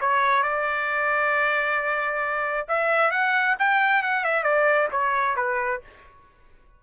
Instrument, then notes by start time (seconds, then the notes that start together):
trumpet
0.00 C#5
0.43 D5
2.68 E5
3.11 F#5
3.58 G5
4.02 F#5
4.24 E5
4.43 D5
4.91 C#5
5.36 B4